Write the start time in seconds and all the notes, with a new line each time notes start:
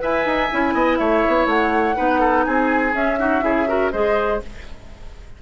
0.00 E4 B4 E5 G#5
0.26 D#4
0.52 C#4 E4
0.74 B3 D#5
0.97 A3 C#5 E5
1.29 B3
1.47 A3 F#5
1.96 B3 D#4 B4
2.20 A4
2.45 C4 G#4 G#5
2.93 C#4 E5
3.19 D#4 F#4
3.42 C#3 E4 G#4
3.67 F#4 A#4
3.92 G#3 G#4 C5 D#5